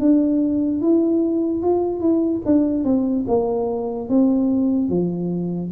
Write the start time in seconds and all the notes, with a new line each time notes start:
0.00 D4
0.82 E4
1.63 F4
2.00 E4
2.45 D4
2.85 C4
3.28 A#3
4.09 C4
4.89 F3